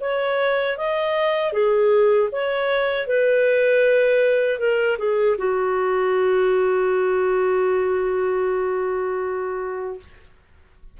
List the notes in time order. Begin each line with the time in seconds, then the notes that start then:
0.00 C#5
0.77 D#5
1.52 G#4
2.31 C#5
3.07 B4
4.59 A#4
4.98 G#4
5.37 F#4